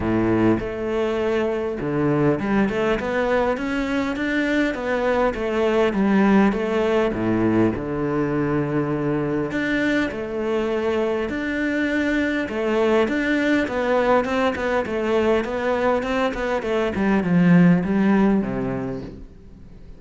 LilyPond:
\new Staff \with { instrumentName = "cello" } { \time 4/4 \tempo 4 = 101 a,4 a2 d4 | g8 a8 b4 cis'4 d'4 | b4 a4 g4 a4 | a,4 d2. |
d'4 a2 d'4~ | d'4 a4 d'4 b4 | c'8 b8 a4 b4 c'8 b8 | a8 g8 f4 g4 c4 | }